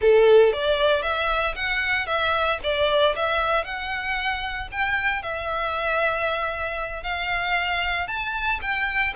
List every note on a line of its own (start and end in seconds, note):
0.01 0.52 A4
0.52 1.02 D5
1.02 1.54 E5
1.55 2.06 F#5
2.06 2.58 E5
2.63 3.15 D5
3.15 3.64 E5
3.64 4.68 F#5
4.71 5.22 G5
5.22 7.03 E5
7.03 8.07 F5
8.07 8.59 A5
8.61 9.13 G5